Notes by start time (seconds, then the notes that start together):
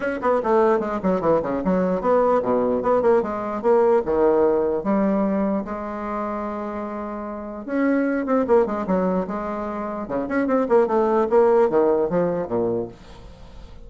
0.00 C#4
0.21 B3
0.43 A3
0.79 G#3
1.03 F#3
1.21 E3
1.42 C#3
1.64 F#3
2.01 B3
2.42 B2
2.82 B3
3.02 A#3
3.22 G#3
3.61 A#3
4.05 D#3
4.83 G3
5.65 G#3
7.65 C#4
8.25 C4
8.47 A#3
8.66 G#3
8.86 F#3
9.27 G#3
10.08 C#3
10.28 C#4
10.47 C4
10.68 A#3
10.87 A3
11.29 A#3
11.69 D#3
12.09 F3
12.47 A#2